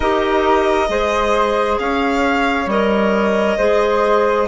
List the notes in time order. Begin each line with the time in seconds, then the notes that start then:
0.00 D#4 G4 A#4 D#5
0.87 G#3 G#4 C5
1.79 C#4 C#5 F5
2.66 G3 A#4 D#5
3.57 G#3 G#4 C5